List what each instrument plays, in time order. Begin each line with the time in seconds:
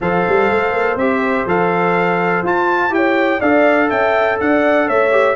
0.01 tuba F3, trombone A4, horn C5, trumpet F5
0.28 tuba G3
0.50 tuba A3
0.71 tuba A#3
0.95 tuba C4, trombone G4, trumpet E5
1.46 tuba F3, trombone A4, trumpet F5
2.42 tuba F4, trombone F4, trumpet A5
2.90 tuba E4, trombone G4, horn C#5, trumpet G5
3.39 tuba D4, trombone A4, horn D5, trumpet F5
3.89 tuba C#4, horn E5, trumpet G5
4.40 tuba D4, horn D5, trumpet F#5
4.87 tuba A3, horn C#5, trumpet E5
5.11 trombone G4